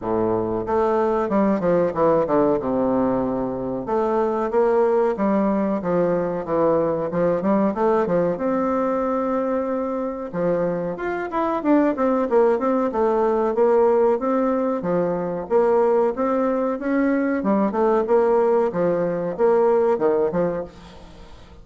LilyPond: \new Staff \with { instrumentName = "bassoon" } { \time 4/4 \tempo 4 = 93 a,4 a4 g8 f8 e8 d8 | c2 a4 ais4 | g4 f4 e4 f8 g8 | a8 f8 c'2. |
f4 f'8 e'8 d'8 c'8 ais8 c'8 | a4 ais4 c'4 f4 | ais4 c'4 cis'4 g8 a8 | ais4 f4 ais4 dis8 f8 | }